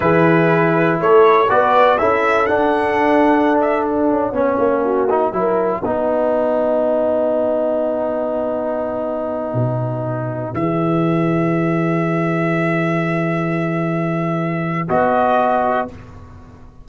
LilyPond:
<<
  \new Staff \with { instrumentName = "trumpet" } { \time 4/4 \tempo 4 = 121 b'2 cis''4 d''4 | e''4 fis''2~ fis''16 e''8 fis''16~ | fis''1~ | fis''1~ |
fis''1~ | fis''4~ fis''16 e''2~ e''8.~ | e''1~ | e''2 dis''2 | }
  \new Staff \with { instrumentName = "horn" } { \time 4/4 gis'2 a'4 b'4 | a'1~ | a'8. cis''4 fis'4 ais'4 b'16~ | b'1~ |
b'1~ | b'1~ | b'1~ | b'1 | }
  \new Staff \with { instrumentName = "trombone" } { \time 4/4 e'2. fis'4 | e'4 d'2.~ | d'8. cis'4. dis'8 e'4 dis'16~ | dis'1~ |
dis'1~ | dis'4~ dis'16 gis'2~ gis'8.~ | gis'1~ | gis'2 fis'2 | }
  \new Staff \with { instrumentName = "tuba" } { \time 4/4 e2 a4 b4 | cis'4 d'2.~ | d'16 cis'8 b8 ais4. fis4 b16~ | b1~ |
b2.~ b16 b,8.~ | b,4~ b,16 e2~ e8.~ | e1~ | e2 b2 | }
>>